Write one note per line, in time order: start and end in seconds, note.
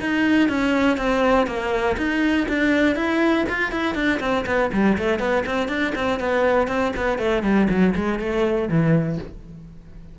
0.00 0.49 D#4
0.49 0.97 C#4
0.97 1.47 C4
1.47 1.97 A#3
1.97 2.47 D#4
2.48 2.96 D4
2.96 3.46 E4
3.50 3.72 F4
3.72 3.95 E4
3.95 4.20 D4
4.20 4.45 C4
4.46 4.71 B3
4.73 4.98 G3
4.98 5.20 A3
5.20 5.44 B3
5.46 5.69 C4
5.69 5.93 D4
5.95 6.20 C4
6.20 6.68 B3
6.68 6.93 C4
6.96 7.19 B3
7.19 7.43 A3
7.43 7.68 G3
7.70 7.95 F#3
7.95 8.20 G#3
8.20 8.69 A3
8.69 9.18 E3